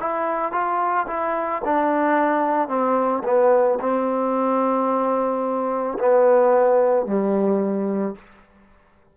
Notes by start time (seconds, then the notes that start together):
0.00 E4
0.52 F4
1.07 E4
1.65 D4
2.68 C4
3.24 B3
3.80 C4
5.99 B3
7.06 G3